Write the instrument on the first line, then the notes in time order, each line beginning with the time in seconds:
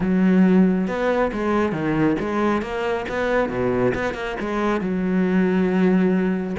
cello
0.00 F#3
0.87 B3
1.32 G#3
1.72 D#3
2.19 G#3
2.62 A#3
3.08 B3
3.49 B2
3.94 B3
4.14 A#3
4.40 G#3
4.81 F#3